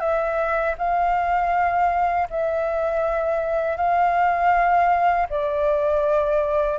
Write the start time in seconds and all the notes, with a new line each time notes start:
0.00 E5
0.78 F5
2.30 E5
3.77 F5
5.29 D5